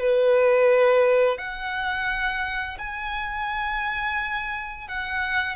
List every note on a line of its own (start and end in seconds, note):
0.00 1.38 B4
1.38 2.78 F#5
2.79 4.88 G#5
4.88 5.56 F#5